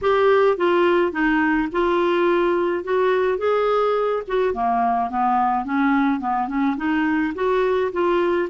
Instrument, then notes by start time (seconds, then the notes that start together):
clarinet
0.01 G4
0.57 F4
1.12 D#4
1.72 F4
2.84 F#4
3.38 G#4
4.27 F#4
4.53 A#3
5.10 B3
5.64 C#4
6.20 B3
6.48 C#4
6.76 D#4
7.34 F#4
7.92 F4